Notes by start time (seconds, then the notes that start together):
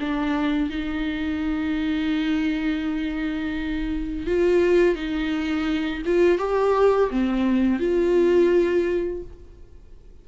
0.00 D4
0.70 D#4
4.27 F4
4.95 D#4
6.06 F4
6.39 G4
7.11 C4
7.80 F4